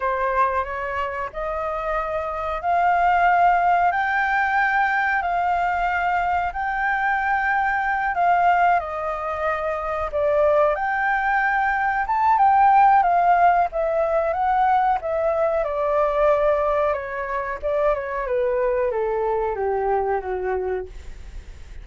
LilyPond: \new Staff \with { instrumentName = "flute" } { \time 4/4 \tempo 4 = 92 c''4 cis''4 dis''2 | f''2 g''2 | f''2 g''2~ | g''8 f''4 dis''2 d''8~ |
d''8 g''2 a''8 g''4 | f''4 e''4 fis''4 e''4 | d''2 cis''4 d''8 cis''8 | b'4 a'4 g'4 fis'4 | }